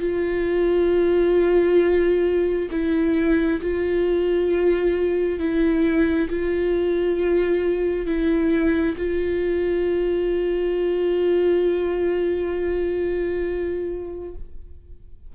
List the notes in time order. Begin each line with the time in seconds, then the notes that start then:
0.00 F4
2.71 E4
3.61 F4
5.39 E4
6.29 F4
8.06 E4
8.97 F4